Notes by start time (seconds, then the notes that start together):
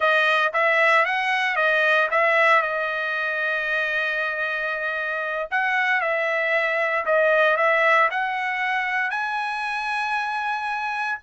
0.00 D#5
0.53 E5
1.05 F#5
1.56 D#5
2.10 E5
2.62 D#5
5.50 F#5
6.00 E5
7.05 D#5
7.57 E5
8.10 F#5
9.10 G#5